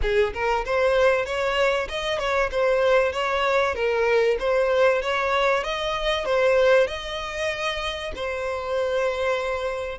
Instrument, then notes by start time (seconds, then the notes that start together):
violin
0.02 G#4
0.33 A#4
0.65 C5
1.25 C#5
1.89 D#5
2.18 C#5
2.51 C5
3.12 C#5
3.74 A#4
4.39 C5
5.02 C#5
5.63 D#5
6.25 C5
6.87 D#5
8.15 C5